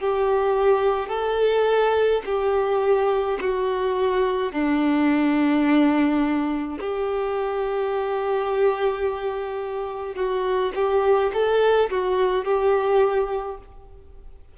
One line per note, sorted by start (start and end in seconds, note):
0.00 1.09 G4
1.09 2.22 A4
2.26 3.39 G4
3.41 4.53 F#4
4.53 6.79 D4
6.80 10.16 G4
10.16 10.72 F#4
10.75 11.32 G4
11.34 11.90 A4
11.91 12.45 F#4
12.45 13.58 G4